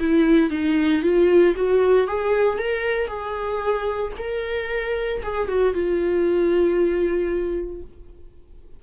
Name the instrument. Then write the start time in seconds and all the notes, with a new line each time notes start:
viola
0.00 E4
0.51 D#4
1.03 F4
1.56 F#4
2.08 G#4
2.59 A#4
3.08 G#4
4.18 A#4
5.23 G#4
5.49 F#4
5.74 F4